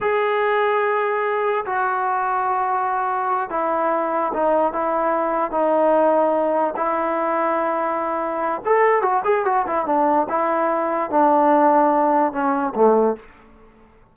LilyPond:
\new Staff \with { instrumentName = "trombone" } { \time 4/4 \tempo 4 = 146 gis'1 | fis'1~ | fis'8 e'2 dis'4 e'8~ | e'4. dis'2~ dis'8~ |
dis'8 e'2.~ e'8~ | e'4 a'4 fis'8 gis'8 fis'8 e'8 | d'4 e'2 d'4~ | d'2 cis'4 a4 | }